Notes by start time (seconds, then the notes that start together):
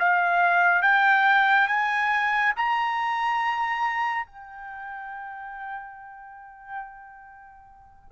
0.00 F5
0.83 G5
1.68 G#5
2.57 A#5
4.27 G5